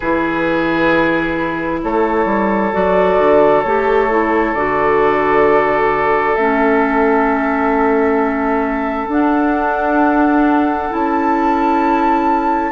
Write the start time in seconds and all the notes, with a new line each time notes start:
0.00 E3 E4 G#4 B4
1.83 A3 A4 C#5
2.25 G3
2.72 F#3 F#4 D5
3.18 D3
3.63 A3 G4 C#5
4.10 E4
4.53 D3 F#4 D5
6.34 A3 C#4 E5
9.07 D4 F#5
10.89 C#4 E4 A5